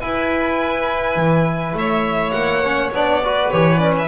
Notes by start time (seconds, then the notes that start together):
0.00 E4 B4 G#5
1.16 E3
1.73 A3 C#5 E5
2.31 A#3 F#5
2.64 C#4
2.92 B3 D4 D5
3.24 F#4 B4
3.51 E3 G4 C#5
3.77 C#4 D5
3.98 E5